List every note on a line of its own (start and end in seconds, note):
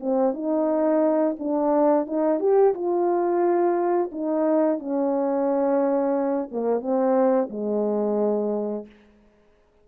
0.00 0.33 C4
0.33 1.36 D#4
1.39 2.06 D4
2.06 2.40 D#4
2.40 2.74 G4
2.74 4.10 F4
4.12 4.79 D#4
4.79 6.49 C#4
6.51 6.80 A#3
6.80 7.48 C4
7.49 8.86 G#3